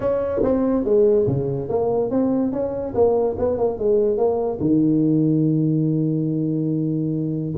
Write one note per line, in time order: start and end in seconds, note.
0.00 0.42 C#4
0.42 0.84 C4
0.84 1.26 G#3
1.26 1.68 C#3
1.68 2.10 A#3
2.10 2.52 C4
2.52 2.94 C#4
2.94 3.36 A#3
3.38 3.58 B3
3.58 3.78 A#3
3.78 4.17 G#3
4.17 4.58 A#3
4.60 7.54 D#3